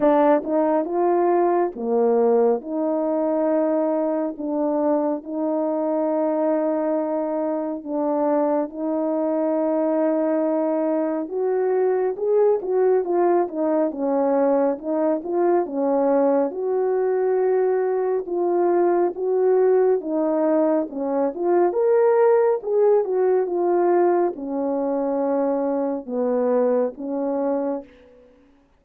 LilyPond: \new Staff \with { instrumentName = "horn" } { \time 4/4 \tempo 4 = 69 d'8 dis'8 f'4 ais4 dis'4~ | dis'4 d'4 dis'2~ | dis'4 d'4 dis'2~ | dis'4 fis'4 gis'8 fis'8 f'8 dis'8 |
cis'4 dis'8 f'8 cis'4 fis'4~ | fis'4 f'4 fis'4 dis'4 | cis'8 f'8 ais'4 gis'8 fis'8 f'4 | cis'2 b4 cis'4 | }